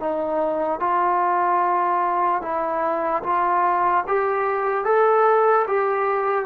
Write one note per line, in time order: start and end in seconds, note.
0.00 0.80 D#4
0.80 2.42 F4
2.42 3.23 E4
3.23 4.04 F4
4.07 4.85 G4
4.85 5.66 A4
5.68 6.46 G4